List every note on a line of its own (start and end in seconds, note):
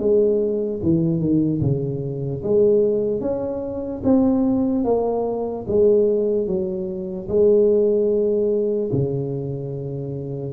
0.00 0.81 G#3
0.83 1.21 E3
1.21 1.61 D#3
1.62 2.43 C#3
2.44 3.21 G#3
3.21 4.02 C#4
4.04 4.85 C4
4.85 5.66 A#3
5.68 6.47 G#3
6.47 7.28 F#3
7.29 8.91 G#3
8.93 10.54 C#3